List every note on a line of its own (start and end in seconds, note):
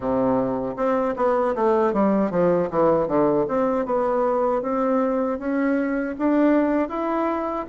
0.00 0.75 C3
0.76 1.14 C4
1.16 1.55 B3
1.55 1.93 A3
1.93 2.30 G3
2.30 2.69 F3
2.70 3.07 E3
3.07 3.46 D3
3.48 3.85 C4
3.85 4.62 B3
4.62 5.38 C4
5.38 6.15 C#4
6.18 6.88 D4
6.88 7.65 E4